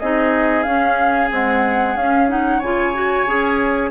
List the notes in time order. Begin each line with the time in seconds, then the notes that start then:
0.00 C4 D#4 G#4 D#5
0.63 C#4 F5
1.31 G#3 C4 F#5
1.96 C#4 F5
2.29 D#4 F#5
2.59 C#3 F4 C#5 G#5
2.94 F#4
3.27 C#4 G#4